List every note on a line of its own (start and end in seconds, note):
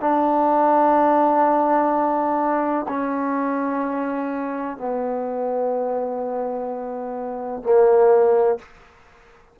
0.00 2.86 D4
2.88 4.77 C#4
4.77 7.63 B3
7.63 8.58 A#3